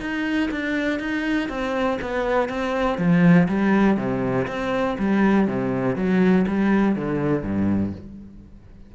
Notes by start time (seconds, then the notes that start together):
0.00 D#4
0.50 D4
0.99 D#4
1.49 C4
2.01 B3
2.48 C4
2.98 F3
3.48 G3
3.97 C3
4.47 C4
4.98 G3
5.47 C3
5.95 F#3
6.47 G3
6.96 D3
7.43 G2